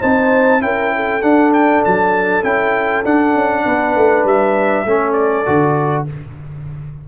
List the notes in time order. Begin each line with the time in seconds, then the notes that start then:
0.00 C4 D#4 C5 A5
0.61 C#4 E4 A#4 G5
0.96 A4
1.22 D4 F#5
1.54 G5
1.85 F#3 A5
2.44 C#4 E4 G5
3.05 D4 F#5
3.35 C#4
3.65 B3 B4
3.96 A3
4.25 G3 E5
4.85 A3 C#4 A4
5.13 D5
5.46 D3 F#4